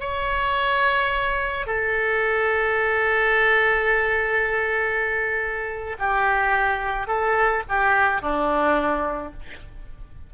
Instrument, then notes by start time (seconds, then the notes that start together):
oboe
0.00 C#5
1.66 A4
5.99 G4
7.07 A4
7.69 G4
8.22 D4